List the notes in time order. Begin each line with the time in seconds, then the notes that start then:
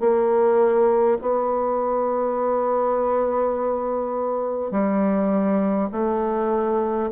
0.00 A#3
1.21 B3
4.72 G3
5.93 A3